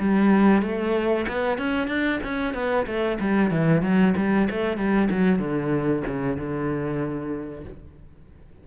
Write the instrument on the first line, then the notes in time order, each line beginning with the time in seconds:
cello
0.00 G3
0.63 A3
1.28 B3
1.58 C#4
1.88 D4
2.24 C#4
2.55 B3
2.87 A3
3.20 G3
3.51 E3
3.82 F#3
4.17 G3
4.51 A3
4.78 G3
5.11 F#3
5.39 D3
6.07 C#3
6.37 D3